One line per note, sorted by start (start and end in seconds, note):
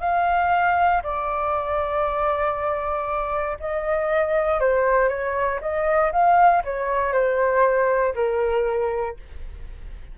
0.00 1.02 F5
1.03 3.57 D5
3.59 4.60 D#5
4.60 5.08 C5
5.08 5.59 C#5
5.60 6.11 D#5
6.12 6.63 F5
6.64 7.12 C#5
7.12 8.14 C5
8.14 9.16 A#4